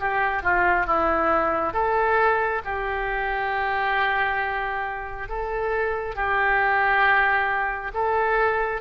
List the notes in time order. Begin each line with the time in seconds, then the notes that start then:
0.00 G4
0.43 F4
0.86 E4
1.74 A4
2.65 G4
5.29 A4
6.15 G4
7.94 A4